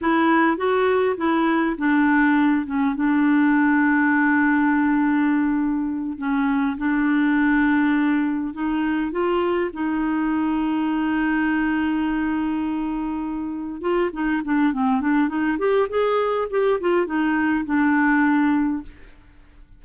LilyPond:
\new Staff \with { instrumentName = "clarinet" } { \time 4/4 \tempo 4 = 102 e'4 fis'4 e'4 d'4~ | d'8 cis'8 d'2.~ | d'2~ d'8 cis'4 d'8~ | d'2~ d'8 dis'4 f'8~ |
f'8 dis'2.~ dis'8~ | dis'2.~ dis'8 f'8 | dis'8 d'8 c'8 d'8 dis'8 g'8 gis'4 | g'8 f'8 dis'4 d'2 | }